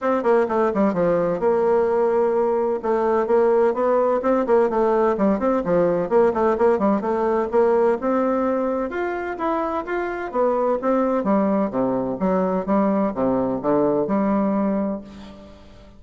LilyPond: \new Staff \with { instrumentName = "bassoon" } { \time 4/4 \tempo 4 = 128 c'8 ais8 a8 g8 f4 ais4~ | ais2 a4 ais4 | b4 c'8 ais8 a4 g8 c'8 | f4 ais8 a8 ais8 g8 a4 |
ais4 c'2 f'4 | e'4 f'4 b4 c'4 | g4 c4 fis4 g4 | c4 d4 g2 | }